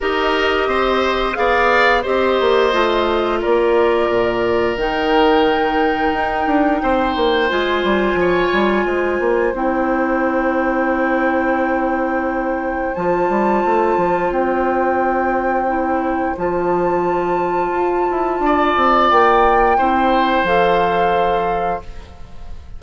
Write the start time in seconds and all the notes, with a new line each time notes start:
0.00 D#4 G4 A#4 D#5
0.67 C4 C5
1.34 B3 G#4 D5 F5
2.02 C4 G4 C5 D#5
2.40 A#3
2.71 A3 F4
3.41 A#3 A#4 D5
4.09 A#2
4.76 D#3 D#4 G5
6.13 D#4
6.47 D4
6.82 C4 C5
7.15 A#3
7.49 G#3 F4 G#5
7.83 G3
8.14 F3
8.20 C#5
8.52 G3
8.85 G#3 C5
9.19 A#3
9.53 C4 E4 G5
12.94 F3 F4 A5
13.29 G3
13.65 A3
13.97 F3
14.30 C4 G5
15.67 E4
16.37 F3 F4 A5
17.71 F4
18.11 E4
18.39 D4 D5
18.76 C4
19.10 A#3 G5
19.77 C4 E4 C5
20.43 F3 A4 F5